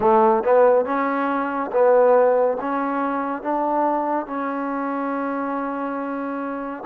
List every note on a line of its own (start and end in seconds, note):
0.00 0.43 A3
0.43 0.85 B3
0.85 1.71 C#4
1.71 2.57 B3
2.60 3.42 C#4
3.42 4.26 D4
4.26 6.83 C#4